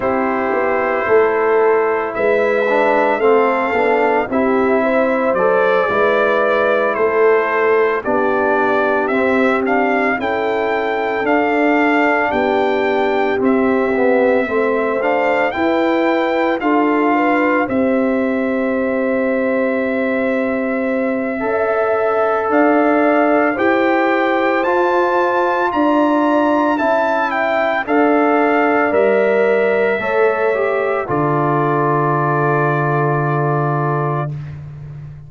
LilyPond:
<<
  \new Staff \with { instrumentName = "trumpet" } { \time 4/4 \tempo 4 = 56 c''2 e''4 f''4 | e''4 d''4. c''4 d''8~ | d''8 e''8 f''8 g''4 f''4 g''8~ | g''8 e''4. f''8 g''4 f''8~ |
f''8 e''2.~ e''8~ | e''4 f''4 g''4 a''4 | ais''4 a''8 g''8 f''4 e''4~ | e''4 d''2. | }
  \new Staff \with { instrumentName = "horn" } { \time 4/4 g'4 a'4 b'4 a'4 | g'8 c''4 b'4 a'4 g'8~ | g'4. a'2 g'8~ | g'4. c''4 b'4 a'8 |
b'8 c''2.~ c''8 | e''4 d''4 c''2 | d''4 e''4 d''2 | cis''4 a'2. | }
  \new Staff \with { instrumentName = "trombone" } { \time 4/4 e'2~ e'8 d'8 c'8 d'8 | e'4 a'8 e'2 d'8~ | d'8 c'8 d'8 e'4 d'4.~ | d'8 c'8 b8 c'8 d'8 e'4 f'8~ |
f'8 g'2.~ g'8 | a'2 g'4 f'4~ | f'4 e'4 a'4 ais'4 | a'8 g'8 f'2. | }
  \new Staff \with { instrumentName = "tuba" } { \time 4/4 c'8 b8 a4 gis4 a8 b8 | c'4 fis8 gis4 a4 b8~ | b8 c'4 cis'4 d'4 b8~ | b8 c'4 a4 e'4 d'8~ |
d'8 c'2.~ c'8 | cis'4 d'4 e'4 f'4 | d'4 cis'4 d'4 g4 | a4 d2. | }
>>